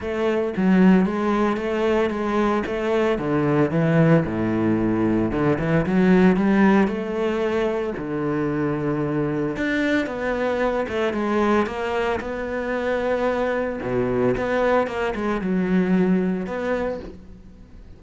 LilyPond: \new Staff \with { instrumentName = "cello" } { \time 4/4 \tempo 4 = 113 a4 fis4 gis4 a4 | gis4 a4 d4 e4 | a,2 d8 e8 fis4 | g4 a2 d4~ |
d2 d'4 b4~ | b8 a8 gis4 ais4 b4~ | b2 b,4 b4 | ais8 gis8 fis2 b4 | }